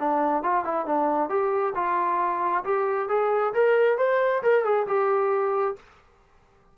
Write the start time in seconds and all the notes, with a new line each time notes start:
0.00 D4
0.44 F4
0.65 E4
0.86 D4
1.30 G4
1.75 F4
2.65 G4
3.09 G#4
3.55 A#4
3.98 C5
4.43 A#4
4.65 G#4
4.87 G4